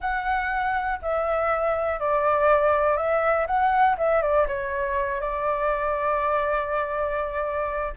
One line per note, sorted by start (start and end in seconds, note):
0.00 0.99 F#5
1.01 1.99 E5
1.99 2.96 D5
2.96 3.46 E5
3.46 3.96 F#5
3.97 4.21 E5
4.21 4.46 D5
4.47 5.21 C#5
5.21 7.93 D5